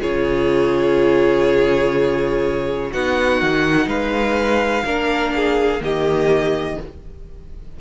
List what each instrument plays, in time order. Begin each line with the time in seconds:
0.00 cello C#3, viola F4, violin G#4 C#5
2.92 cello B3, viola D#4, violin F#4 F#5
3.42 cello D#3
3.86 cello G#3, violin B4 F5
4.85 cello A#3, viola D4, violin A#4
5.35 violin G#4
5.79 cello D#3, viola A#3, violin G4 D#5